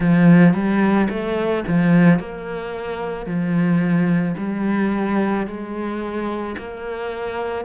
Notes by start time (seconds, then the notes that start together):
0.00 F3
0.53 G3
1.09 A3
1.67 F3
2.19 A#3
3.25 F3
4.37 G3
5.46 G#3
6.58 A#3